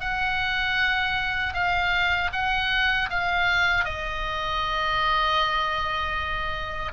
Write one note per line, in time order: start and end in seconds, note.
0.00 1.53 F#5
1.53 2.30 F5
2.32 3.09 F#5
3.09 3.84 F5
3.84 6.92 D#5